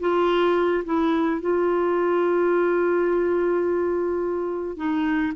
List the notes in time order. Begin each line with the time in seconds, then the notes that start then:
0.00 F4
0.85 E4
1.41 F4
4.77 D#4